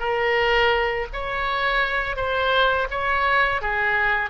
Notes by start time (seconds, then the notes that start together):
0.00 A#4
1.14 C#5
2.17 C5
2.91 C#5
3.62 G#4